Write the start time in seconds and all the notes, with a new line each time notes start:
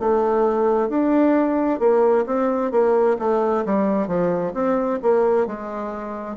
0.00 A3
0.89 D4
1.80 A#3
2.26 C4
2.71 A#3
3.19 A3
3.66 G3
4.08 F3
4.54 C4
5.02 A#3
5.47 G#3